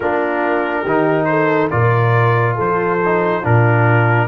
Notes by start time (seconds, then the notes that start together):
0.00 A#3 D4 F4 A#4
0.82 D#3 D#4 G4
1.25 A4 C5
1.70 A#2 F4 A#4 D5
2.55 F3 A4 C5
3.05 D#4
3.41 A#2 D4 F4 A#4